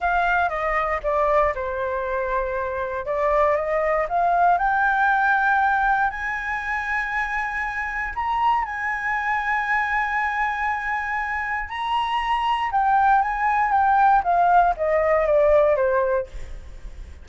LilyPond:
\new Staff \with { instrumentName = "flute" } { \time 4/4 \tempo 4 = 118 f''4 dis''4 d''4 c''4~ | c''2 d''4 dis''4 | f''4 g''2. | gis''1 |
ais''4 gis''2.~ | gis''2. ais''4~ | ais''4 g''4 gis''4 g''4 | f''4 dis''4 d''4 c''4 | }